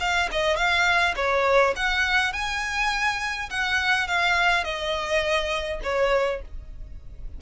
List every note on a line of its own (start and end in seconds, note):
0.00 0.29 F5
0.32 0.56 D#5
0.56 1.14 F5
1.16 1.74 C#5
1.76 2.33 F#5
2.33 3.49 G#5
3.50 4.07 F#5
4.07 4.64 F5
4.64 5.80 D#5
5.83 6.41 C#5